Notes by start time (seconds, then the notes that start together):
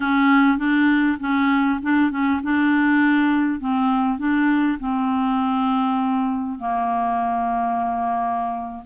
0.00 C#4
0.58 D4
1.19 C#4
1.82 D4
2.10 C#4
2.43 D4
3.59 C4
4.18 D4
4.79 C4
6.58 A#3